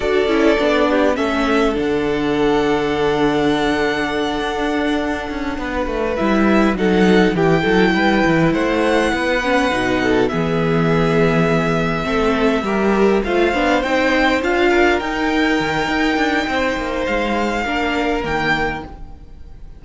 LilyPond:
<<
  \new Staff \with { instrumentName = "violin" } { \time 4/4 \tempo 4 = 102 d''2 e''4 fis''4~ | fis''1~ | fis''2~ fis''8 e''4 fis''8~ | fis''8 g''2 fis''4.~ |
fis''4. e''2~ e''8~ | e''2~ e''8 f''4 g''8~ | g''8 f''4 g''2~ g''8~ | g''4 f''2 g''4 | }
  \new Staff \with { instrumentName = "violin" } { \time 4/4 a'4. g'8 a'2~ | a'1~ | a'4. b'2 a'8~ | a'8 g'8 a'8 b'4 c''4 b'8~ |
b'4 a'8 gis'2~ gis'8~ | gis'8 a'4 ais'4 c''4.~ | c''4 ais'2. | c''2 ais'2 | }
  \new Staff \with { instrumentName = "viola" } { \time 4/4 fis'8 e'8 d'4 cis'4 d'4~ | d'1~ | d'2~ d'8 e'4 dis'8~ | dis'8 e'2.~ e'8 |
cis'8 dis'4 b2~ b8~ | b8 c'4 g'4 f'8 d'8 dis'8~ | dis'8 f'4 dis'2~ dis'8~ | dis'2 d'4 ais4 | }
  \new Staff \with { instrumentName = "cello" } { \time 4/4 d'8 cis'8 b4 a4 d4~ | d2.~ d8 d'8~ | d'4 cis'8 b8 a8 g4 fis8~ | fis8 e8 fis8 g8 e8 a4 b8~ |
b8 b,4 e2~ e8~ | e8 a4 g4 a8 b8 c'8~ | c'8 d'4 dis'4 dis8 dis'8 d'8 | c'8 ais8 gis4 ais4 dis4 | }
>>